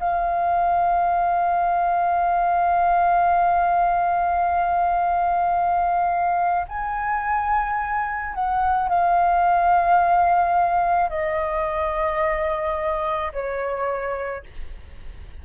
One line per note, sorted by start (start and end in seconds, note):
0.00 6.67 F5
6.69 8.35 G#5
8.35 8.89 F#5
8.89 11.10 F5
11.10 13.32 D#5
13.33 14.44 C#5